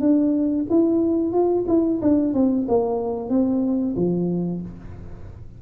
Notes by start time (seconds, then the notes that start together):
0.00 D4
0.69 E4
1.32 F4
1.68 E4
2.02 D4
2.34 C4
2.68 A#3
3.29 C4
3.96 F3